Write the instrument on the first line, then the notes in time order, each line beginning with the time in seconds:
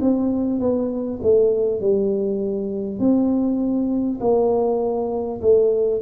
tuba
0.00 C4
0.59 B3
1.22 A3
1.80 G3
2.99 C4
4.20 A#3
5.41 A3